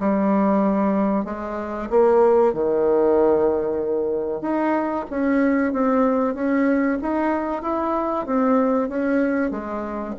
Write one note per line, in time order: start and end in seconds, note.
0.00 1.25 G3
1.25 1.89 G#3
1.91 2.54 A#3
2.54 4.42 D#3
4.42 5.05 D#4
5.10 5.73 C#4
5.73 6.35 C4
6.35 6.99 C#4
7.02 7.62 D#4
7.62 8.26 E4
8.27 8.89 C4
8.89 9.51 C#4
9.51 10.15 G#3